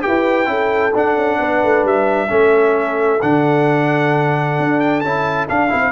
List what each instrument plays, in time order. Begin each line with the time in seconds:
0.00 trombone G4, horn B4, trumpet G5
0.07 tuba E4
0.45 tuba C#4, trombone E4, horn A4
0.95 tuba D4, trombone D4, trumpet F#5
1.16 tuba C#4
1.38 tuba B3, horn B4
1.63 tuba A3
1.83 tuba G3, trumpet E5
2.28 tuba A3, trombone C#4, horn A4
3.21 tuba D3, trombone D4, trumpet F#5
4.59 tuba D4
4.80 trumpet G5
5.00 tuba C#4, trombone E4, trumpet A5
5.48 trombone D4, tuba D4, trumpet F5
5.69 tuba C4, trombone E4